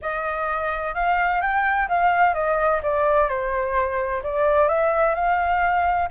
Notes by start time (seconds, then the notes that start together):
0.01 D#5
0.94 F5
1.41 G5
1.88 F5
2.34 D#5
2.82 D5
3.28 C5
4.23 D5
4.68 E5
5.14 F5